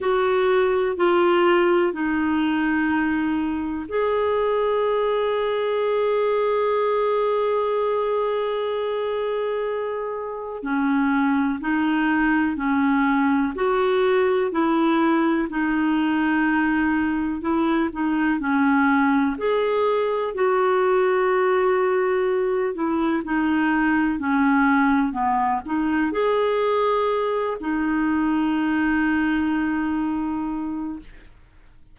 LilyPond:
\new Staff \with { instrumentName = "clarinet" } { \time 4/4 \tempo 4 = 62 fis'4 f'4 dis'2 | gis'1~ | gis'2. cis'4 | dis'4 cis'4 fis'4 e'4 |
dis'2 e'8 dis'8 cis'4 | gis'4 fis'2~ fis'8 e'8 | dis'4 cis'4 b8 dis'8 gis'4~ | gis'8 dis'2.~ dis'8 | }